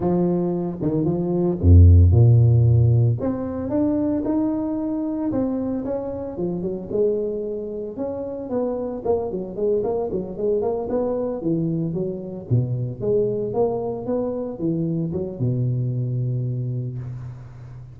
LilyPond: \new Staff \with { instrumentName = "tuba" } { \time 4/4 \tempo 4 = 113 f4. dis8 f4 f,4 | ais,2 c'4 d'4 | dis'2 c'4 cis'4 | f8 fis8 gis2 cis'4 |
b4 ais8 fis8 gis8 ais8 fis8 gis8 | ais8 b4 e4 fis4 b,8~ | b,8 gis4 ais4 b4 e8~ | e8 fis8 b,2. | }